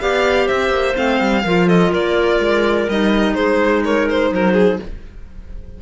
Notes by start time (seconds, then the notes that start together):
0.00 B3 G4 D5 F5
0.46 C4 C5 E5
0.69 A#3
0.94 A3 C4 F5
1.20 G3
1.43 F3 F4 A#4
1.66 A4 D#5
1.90 A#3 A#4 D5
2.39 G#3
2.89 G3 D#4 D#5
3.34 G#3 G#4 C5
3.83 A#4 C#5
4.09 C5
4.31 F#3 A#4 C5
4.53 G#4